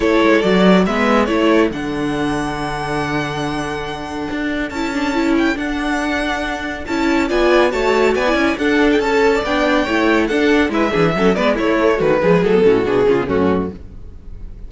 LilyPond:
<<
  \new Staff \with { instrumentName = "violin" } { \time 4/4 \tempo 4 = 140 cis''4 d''4 e''4 cis''4 | fis''1~ | fis''2. a''4~ | a''8 g''8 fis''2. |
a''4 gis''4 a''4 gis''4 | fis''8. g''16 a''4 g''2 | fis''4 e''4. d''8 cis''4 | b'4 a'4 gis'4 fis'4 | }
  \new Staff \with { instrumentName = "violin" } { \time 4/4 a'2 b'4 a'4~ | a'1~ | a'1~ | a'1~ |
a'4 d''4 cis''4 d''4 | a'4.~ a'16 d''4~ d''16 cis''4 | a'4 b'8 gis'8 a'8 b'8 e'4 | fis'8 gis'4 fis'4 f'8 cis'4 | }
  \new Staff \with { instrumentName = "viola" } { \time 4/4 e'4 fis'4 b4 e'4 | d'1~ | d'2. e'8 d'8 | e'4 d'2. |
e'4 f'4 fis'4~ fis'16 e'8. | d'4 a'4 d'4 e'4 | d'4 e'8 d'8 cis'8 b8 a4~ | a8 gis8 a16 b16 cis'8 d'8 cis'16 b16 a4 | }
  \new Staff \with { instrumentName = "cello" } { \time 4/4 a8 gis8 fis4 gis4 a4 | d1~ | d2 d'4 cis'4~ | cis'4 d'2. |
cis'4 b4 a4 b8 cis'8 | d'4 cis'4 b4 a4 | d'4 gis8 e8 fis8 gis8 a4 | dis8 f8 fis8 a,8 b,8 cis8 fis,4 | }
>>